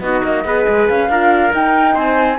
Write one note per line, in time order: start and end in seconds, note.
0.00 0.22 B3
0.00 0.44 D#4
0.00 0.46 F#4
0.00 0.87 D#5
0.23 0.44 A#3
0.44 0.66 B3
0.44 1.09 G#4
0.44 1.10 B4
0.68 0.89 G#3
0.88 1.09 C#4
0.88 1.53 F5
1.09 1.52 D4
1.09 1.51 F4
1.09 1.94 A#4
1.51 2.37 D#4
1.51 1.95 D#4
1.51 1.96 G5
1.94 2.38 C4
1.94 2.37 C5
1.94 2.38 G#5